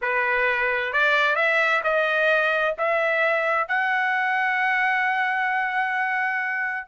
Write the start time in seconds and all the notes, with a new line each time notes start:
0.01 B4
0.92 D5
1.35 E5
1.83 D#5
2.78 E5
3.68 F#5